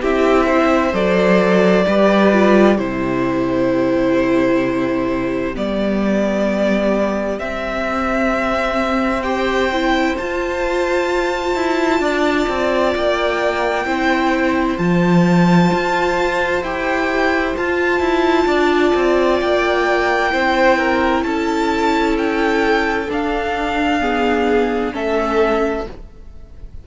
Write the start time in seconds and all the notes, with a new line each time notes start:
0.00 C4 E4 G4 E5
0.46 C5
0.93 F#3 A4 D5
1.86 G3 G4 B4
2.32 F4
2.75 C3 E4 G4 C5
5.54 G3 B3 D5
7.39 C4 E5
9.22 G4 C5 G5
9.72 E4
10.17 F4 A5
11.55 E4
11.99 D4 D5
12.48 C4
12.95 A#3 G5
13.85 C4 E4 C5
14.78 F3 F4 A5
15.72 F4
16.62 E4 G4 G5
17.56 F4 A5
18.00 E4
18.46 D4 D5
18.95 C4
19.40 A#3 G5
20.30 C4 E4 C5
20.78 A#4
21.22 C#4 A4 A5
22.17 G5
23.08 D4 F5
24.00 B3 G#4
24.91 A3 C#4 A4 E5